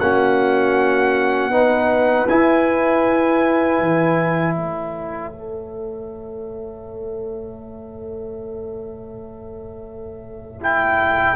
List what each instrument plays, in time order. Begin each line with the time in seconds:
0.00 tuba A#3, trombone C#4, horn F#4, trumpet F#5
1.50 tuba B3, trombone D#4, horn B4
2.29 tuba E4, trombone E4, trumpet G#5
3.80 tuba E3
4.54 tuba A3, horn C#5, trumpet E5
5.33 trombone A4
10.61 trombone E4, trumpet G5